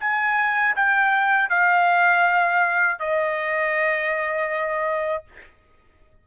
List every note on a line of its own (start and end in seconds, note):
0.00 0.75 G#5
0.75 1.49 G5
1.49 2.99 F5
2.99 5.24 D#5